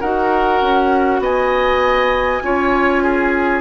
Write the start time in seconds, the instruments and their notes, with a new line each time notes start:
0.00 bassoon D#4, clarinet F#4, oboe A#4, flute F#5
0.61 bassoon C#4
1.20 bassoon B3, oboe D#5, flute G#5
2.43 bassoon C#4, clarinet F4, oboe C#5
3.03 oboe G#4